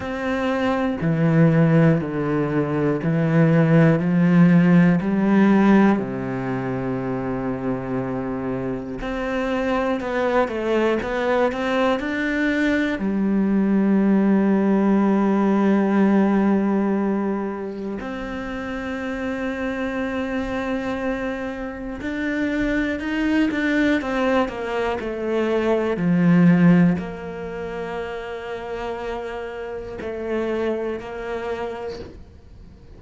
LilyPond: \new Staff \with { instrumentName = "cello" } { \time 4/4 \tempo 4 = 60 c'4 e4 d4 e4 | f4 g4 c2~ | c4 c'4 b8 a8 b8 c'8 | d'4 g2.~ |
g2 c'2~ | c'2 d'4 dis'8 d'8 | c'8 ais8 a4 f4 ais4~ | ais2 a4 ais4 | }